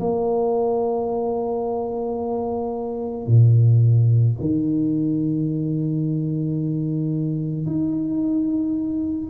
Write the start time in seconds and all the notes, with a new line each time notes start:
0.00 A#3
3.27 A#2
4.41 D#3
7.67 D#4